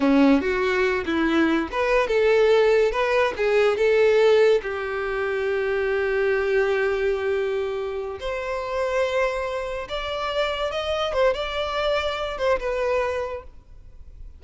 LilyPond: \new Staff \with { instrumentName = "violin" } { \time 4/4 \tempo 4 = 143 cis'4 fis'4. e'4. | b'4 a'2 b'4 | gis'4 a'2 g'4~ | g'1~ |
g'2.~ g'8 c''8~ | c''2.~ c''8 d''8~ | d''4. dis''4 c''8 d''4~ | d''4. c''8 b'2 | }